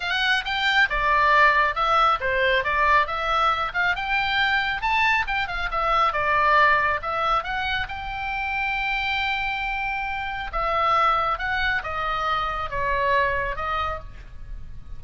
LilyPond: \new Staff \with { instrumentName = "oboe" } { \time 4/4 \tempo 4 = 137 fis''4 g''4 d''2 | e''4 c''4 d''4 e''4~ | e''8 f''8 g''2 a''4 | g''8 f''8 e''4 d''2 |
e''4 fis''4 g''2~ | g''1 | e''2 fis''4 dis''4~ | dis''4 cis''2 dis''4 | }